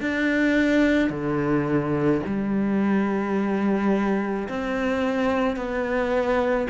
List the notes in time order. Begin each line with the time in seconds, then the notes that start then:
0.00 D4
1.10 D3
2.26 G3
4.48 C4
5.56 B3